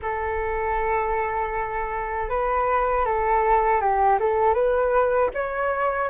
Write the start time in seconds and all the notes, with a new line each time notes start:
0.02 A4
2.29 B4
3.05 A4
3.80 G4
4.19 A4
4.54 B4
5.34 C#5